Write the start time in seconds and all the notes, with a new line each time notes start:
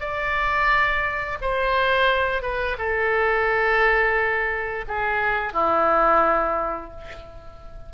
0.00 D5
1.41 C5
2.42 B4
2.78 A4
4.88 G#4
5.53 E4